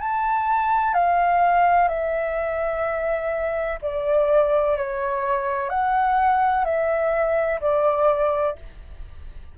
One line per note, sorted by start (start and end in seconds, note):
0.00 0.94 A5
0.94 1.88 F5
1.88 3.79 E5
3.82 4.77 D5
4.77 5.69 C#5
5.69 6.65 F#5
6.65 7.60 E5
7.61 8.56 D5